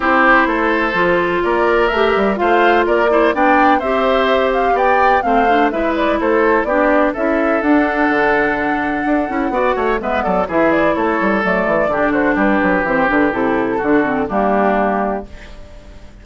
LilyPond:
<<
  \new Staff \with { instrumentName = "flute" } { \time 4/4 \tempo 4 = 126 c''2. d''4 | e''4 f''4 d''4 g''4 | e''4. f''8 g''4 f''4 | e''8 d''8 c''4 d''4 e''4 |
fis''1~ | fis''4 e''8 d''8 e''8 d''8 cis''4 | d''4. c''8 b'4 c''8 b'8 | a'2 g'2 | }
  \new Staff \with { instrumentName = "oboe" } { \time 4/4 g'4 a'2 ais'4~ | ais'4 c''4 ais'8 c''8 d''4 | c''2 d''4 c''4 | b'4 a'4 g'4 a'4~ |
a'1 | d''8 cis''8 b'8 a'8 gis'4 a'4~ | a'4 g'8 fis'8 g'2~ | g'4 fis'4 d'2 | }
  \new Staff \with { instrumentName = "clarinet" } { \time 4/4 e'2 f'2 | g'4 f'4. e'8 d'4 | g'2. c'8 d'8 | e'2 d'4 e'4 |
d'2.~ d'8 e'8 | fis'4 b4 e'2 | a4 d'2 c'8 d'8 | e'4 d'8 c'8 ais2 | }
  \new Staff \with { instrumentName = "bassoon" } { \time 4/4 c'4 a4 f4 ais4 | a8 g8 a4 ais4 b4 | c'2 b4 a4 | gis4 a4 b4 cis'4 |
d'4 d2 d'8 cis'8 | b8 a8 gis8 fis8 e4 a8 g8 | fis8 e8 d4 g8 fis8 e8 d8 | c4 d4 g2 | }
>>